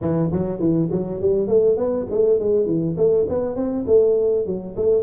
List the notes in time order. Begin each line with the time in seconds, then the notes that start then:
0.01 E3
0.31 F#3
0.59 E3
0.91 F#3
1.20 G3
1.47 A3
1.76 B3
2.10 A3
2.39 G#3
2.66 E3
2.97 A3
3.28 B3
3.55 C4
3.86 A3
4.46 F#3
4.76 A3